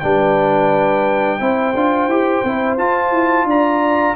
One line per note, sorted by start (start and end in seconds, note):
0.00 1.41 G3
0.00 1.40 D4
0.00 1.40 B4
0.00 2.76 G5
1.40 1.75 C4
1.40 1.74 E4
1.40 3.47 C5
1.75 2.08 D4
1.75 2.11 F4
2.08 2.42 E4
2.08 2.45 G4
2.44 2.78 C4
2.44 2.79 E4
2.78 3.12 F4
2.78 4.16 F4
2.78 3.47 A5
3.12 3.45 E4
3.45 4.14 D4
3.45 4.16 D5
3.45 4.16 A#5